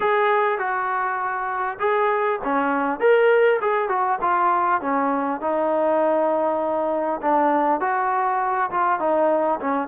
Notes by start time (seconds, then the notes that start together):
0.00 G#4
0.58 F#4
1.79 G#4
2.44 C#4
2.99 A#4
3.61 G#4
3.88 F#4
4.21 F4
4.81 C#4
5.41 D#4
7.21 D4
7.80 F#4
8.71 F4
8.99 D#4
9.60 C#4